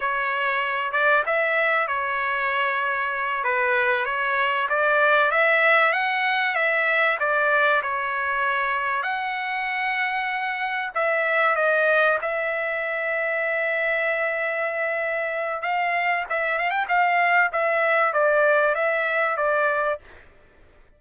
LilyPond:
\new Staff \with { instrumentName = "trumpet" } { \time 4/4 \tempo 4 = 96 cis''4. d''8 e''4 cis''4~ | cis''4. b'4 cis''4 d''8~ | d''8 e''4 fis''4 e''4 d''8~ | d''8 cis''2 fis''4.~ |
fis''4. e''4 dis''4 e''8~ | e''1~ | e''4 f''4 e''8 f''16 g''16 f''4 | e''4 d''4 e''4 d''4 | }